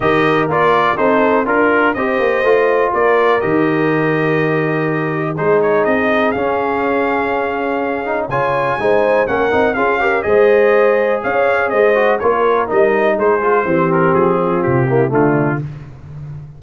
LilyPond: <<
  \new Staff \with { instrumentName = "trumpet" } { \time 4/4 \tempo 4 = 123 dis''4 d''4 c''4 ais'4 | dis''2 d''4 dis''4~ | dis''2. c''8 cis''8 | dis''4 f''2.~ |
f''4 gis''2 fis''4 | f''4 dis''2 f''4 | dis''4 cis''4 dis''4 c''4~ | c''8 ais'8 gis'4 g'4 f'4 | }
  \new Staff \with { instrumentName = "horn" } { \time 4/4 ais'2 a'4 ais'4 | c''2 ais'2~ | ais'2. gis'4~ | gis'1~ |
gis'4 cis''4 c''4 ais'4 | gis'8 ais'8 c''2 cis''4 | c''4 ais'2 gis'4 | g'4. f'4 e'8 d'4 | }
  \new Staff \with { instrumentName = "trombone" } { \time 4/4 g'4 f'4 dis'4 f'4 | g'4 f'2 g'4~ | g'2. dis'4~ | dis'4 cis'2.~ |
cis'8 dis'8 f'4 dis'4 cis'8 dis'8 | f'8 g'8 gis'2.~ | gis'8 fis'8 f'4 dis'4. f'8 | c'2~ c'8 ais8 a4 | }
  \new Staff \with { instrumentName = "tuba" } { \time 4/4 dis4 ais4 c'4 d'4 | c'8 ais8 a4 ais4 dis4~ | dis2. gis4 | c'4 cis'2.~ |
cis'4 cis4 gis4 ais8 c'8 | cis'4 gis2 cis'4 | gis4 ais4 g4 gis4 | e4 f4 c4 d4 | }
>>